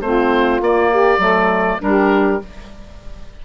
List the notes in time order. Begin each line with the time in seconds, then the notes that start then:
0.00 A3 C4 F4 C5
0.61 A#3 D5
0.91 G4
1.18 F#3 A3 A4
1.79 G3 D4 G4 A#4